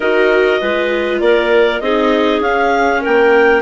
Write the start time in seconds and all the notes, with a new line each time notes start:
0.00 D#4 F#4 A#4 D#5
0.60 G#3 F4 B4
1.20 A#3 A#4 D5
1.80 C4 D#4 G#4 D#5
2.40 C#4 F5
3.01 A#3 A#4 G5